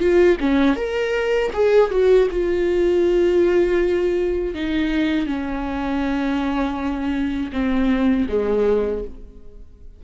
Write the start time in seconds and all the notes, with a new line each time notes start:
0.00 F4
0.40 C#4
0.76 A#4
1.54 G#4
1.91 F#4
2.31 F4
4.55 D#4
5.27 C#4
7.53 C4
8.29 G#3